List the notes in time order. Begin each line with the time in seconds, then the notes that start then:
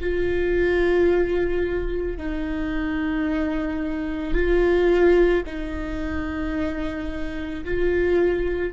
0.00 F4
2.17 D#4
4.33 F4
5.45 D#4
7.64 F4